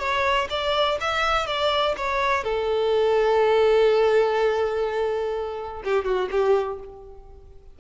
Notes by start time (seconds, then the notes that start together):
0.00 C#5
0.50 D5
1.01 E5
1.47 D5
1.97 C#5
2.44 A4
5.85 G4
6.05 F#4
6.31 G4